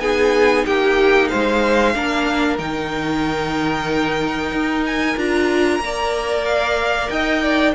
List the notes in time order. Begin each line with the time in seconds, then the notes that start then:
0.00 B3 D#4 G#4 G#5
0.66 A#3 G4 G5
1.28 G#3 C5 F5
1.95 A#3 D4 A#4
2.58 D#3 D#4 G5
4.52 D#4
4.86 G#5
5.17 D4 F4 A#5
5.79 A#3 A#4 D5
6.45 F5
7.10 D#4 D#5 G5
7.43 D5